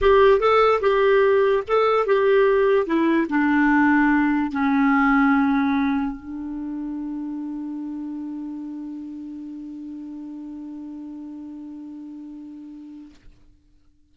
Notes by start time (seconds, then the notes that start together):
0.01 G4
0.39 A4
0.81 G4
1.67 A4
2.06 G4
2.86 E4
3.29 D4
4.51 C#4
6.16 D4